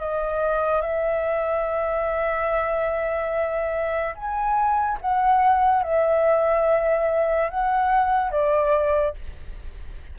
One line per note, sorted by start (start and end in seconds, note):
0.00 0.81 D#5
0.81 4.15 E5
4.15 4.98 G#5
5.02 5.83 F#5
5.83 7.50 E5
7.50 8.31 F#5
8.31 9.14 D5